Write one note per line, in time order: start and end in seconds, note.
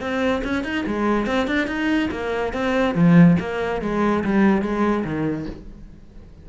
0.00 0.42 C4
0.43 0.64 C#4
0.64 0.84 D#4
0.86 1.26 G#3
1.26 1.47 C4
1.47 1.67 D4
1.67 2.09 D#4
2.11 2.53 A#3
2.53 2.94 C4
2.94 3.36 F3
3.39 3.81 A#3
3.81 4.23 G#3
4.24 4.62 G3
4.62 5.04 G#3
5.04 5.46 D#3